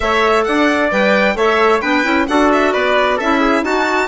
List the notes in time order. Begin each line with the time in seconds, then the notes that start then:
0.00 A3 A4 C#5 E5
0.44 D4 D5 F#5
0.91 G3 B4 G5
1.35 A3 A4 C#5 E5
1.80 B3 D4 B4 G5
2.03 C#4 E4
2.28 D4 F#4 A4 F#5
2.52 E5
2.72 B3 B4 D5
3.17 C#4 E4 A4 E5
3.40 G#4
3.62 D#4 F#4 A5